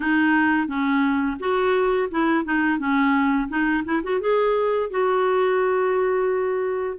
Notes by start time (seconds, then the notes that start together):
0.00 D#4
0.67 C#4
1.39 F#4
2.10 E4
2.45 D#4
2.78 C#4
3.49 D#4
3.84 E4
4.03 F#4
4.20 G#4
4.90 F#4